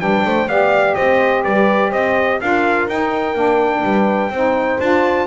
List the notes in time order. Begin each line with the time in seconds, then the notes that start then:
0.00 G3 D4 B4 G5
0.26 A3 C5
0.47 B3 G4 D5 F5
0.95 C4 C5 D#5
1.44 G3 B4 D5
1.90 C4 C5 D#5
2.41 D4 F4 A#4 F5
2.87 D#4 G5
3.35 A#3 D4
3.83 G3 B4
4.30 C4 D#4 C5
4.80 D4 F4 A5